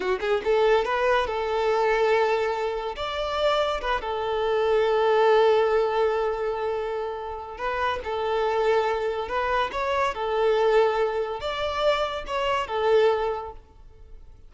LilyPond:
\new Staff \with { instrumentName = "violin" } { \time 4/4 \tempo 4 = 142 fis'8 gis'8 a'4 b'4 a'4~ | a'2. d''4~ | d''4 b'8 a'2~ a'8~ | a'1~ |
a'2 b'4 a'4~ | a'2 b'4 cis''4 | a'2. d''4~ | d''4 cis''4 a'2 | }